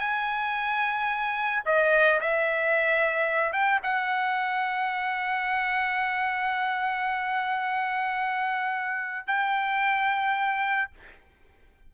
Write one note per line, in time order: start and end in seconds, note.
0.00 1.64 G#5
1.66 2.20 D#5
2.20 3.53 E5
3.53 3.80 G5
3.83 9.27 F#5
9.27 10.90 G5